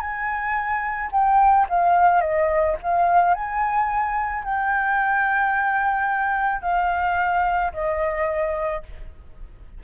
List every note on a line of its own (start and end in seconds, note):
0.00 1.10 G#5
1.12 1.67 G5
1.69 2.21 F5
2.21 2.76 D#5
2.82 3.34 F5
3.34 4.44 G#5
4.44 6.62 G5
6.62 7.72 F5
7.73 8.83 D#5